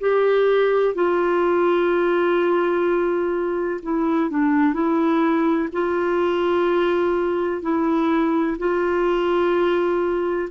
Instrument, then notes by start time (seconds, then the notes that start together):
clarinet
0.00 G4
0.95 F4
3.83 E4
4.30 D4
4.74 E4
5.73 F4
7.62 E4
8.58 F4